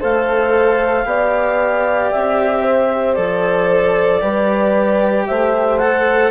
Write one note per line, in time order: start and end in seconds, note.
0.00 1.05 A3
0.00 1.05 A4
0.00 1.05 C5
0.00 2.11 F5
1.05 2.10 B3
1.05 3.16 G4
1.05 2.62 D5
2.11 3.18 C4
2.11 3.14 E5
2.62 4.20 C5
3.14 4.22 F3
3.14 4.21 A4
3.14 5.24 D5
4.21 5.27 G3
4.21 5.79 G4
4.21 5.27 B4
5.26 6.31 A3
5.26 6.31 C5
5.26 5.78 E5
5.78 6.31 A4
5.78 6.31 F#5